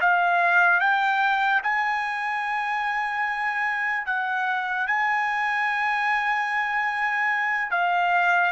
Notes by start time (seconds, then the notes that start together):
0.00 F5
0.80 G5
1.63 G#5
4.06 F#5
4.86 G#5
7.70 F5